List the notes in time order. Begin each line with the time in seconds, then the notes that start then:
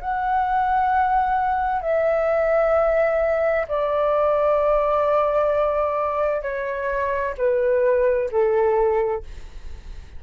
0.00 F#5
1.81 E5
3.68 D5
6.42 C#5
7.37 B4
8.31 A4